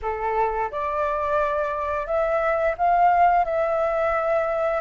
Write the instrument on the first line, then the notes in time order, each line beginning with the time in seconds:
flute
0.02 A4
0.71 D5
2.06 E5
2.77 F5
3.45 E5